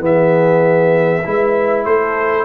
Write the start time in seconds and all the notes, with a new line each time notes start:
0.00 E3 B3 G#4 E5
1.24 G#3 E4 B4
1.85 A3 A4 C5